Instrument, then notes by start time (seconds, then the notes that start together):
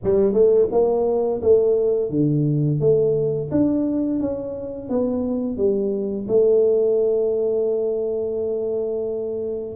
tuba
0.03 G3
0.33 A3
0.71 A#3
1.41 A3
2.10 D3
2.80 A3
3.51 D4
4.20 C#4
4.89 B3
5.57 G3
6.28 A3